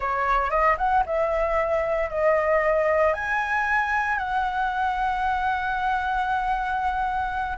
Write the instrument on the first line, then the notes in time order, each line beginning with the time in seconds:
flute
0.00 C#5
0.50 D#5
0.77 F#5
1.06 E5
2.09 D#5
3.13 G#5
4.17 F#5